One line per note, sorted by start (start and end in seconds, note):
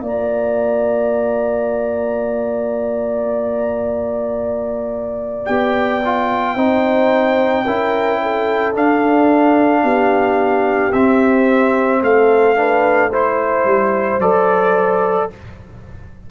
0.00 5.47 A#3
0.00 5.46 F4
0.00 6.55 D5
0.00 5.45 A#5
5.45 6.56 B3
5.45 6.01 G4
5.45 8.73 G5
6.05 6.56 F4
6.55 7.65 C4
6.55 7.65 D#4
6.55 7.64 C5
7.66 8.75 C#4
7.66 8.74 E4
7.66 8.20 A#4
8.22 9.83 A4
8.74 10.92 D4
8.74 9.83 D4
8.74 10.92 F5
9.83 10.92 B3
9.83 12.01 G4
10.92 12.02 C4
10.92 12.56 C4
10.92 12.02 E5
12.02 13.65 A3
12.02 12.58 A4
12.02 13.13 F5
12.56 13.10 D4
12.56 13.10 B4
13.10 14.21 E4
13.10 15.28 C5
13.10 14.21 C5
13.65 14.19 G3
14.19 15.28 F#3
14.19 15.30 A4
14.19 15.30 D5